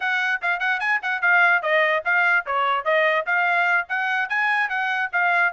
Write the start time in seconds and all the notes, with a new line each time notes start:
0.00 F#5
0.41 F5
0.59 F#5
0.79 G#5
1.02 F#5
1.21 F5
1.62 D#5
2.04 F5
2.45 C#5
2.85 D#5
3.26 F5
3.88 F#5
4.29 G#5
4.69 F#5
5.12 F5